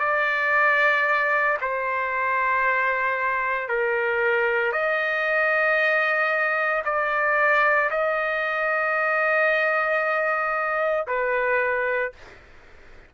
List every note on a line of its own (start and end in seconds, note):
0.00 1.58 D5
1.61 3.69 C5
3.69 4.73 A#4
4.73 6.83 D#5
6.85 7.90 D5
7.90 11.06 D#5
11.07 12.12 B4